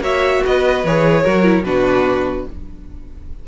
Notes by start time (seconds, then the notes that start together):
0.00 A#3 F#4 C#5 E5
0.44 B3 B4 D#5
0.84 E3 G#4 C#5
1.22 F#3 F#4 A#4
1.44 E4
1.63 B2 D4 F#4 B4